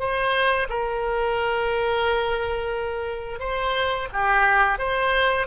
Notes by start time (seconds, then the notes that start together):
0.00 C5
0.69 A#4
3.40 C5
4.13 G4
4.79 C5